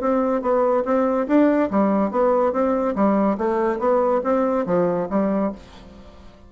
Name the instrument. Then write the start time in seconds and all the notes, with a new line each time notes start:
bassoon
0.00 C4
0.41 B3
0.85 C4
1.27 D4
1.70 G3
2.11 B3
2.52 C4
2.95 G3
3.37 A3
3.79 B3
4.23 C4
4.66 F3
5.10 G3